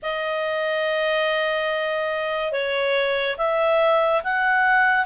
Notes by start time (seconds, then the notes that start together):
0.02 D#5
2.51 C#5
3.37 E5
4.23 F#5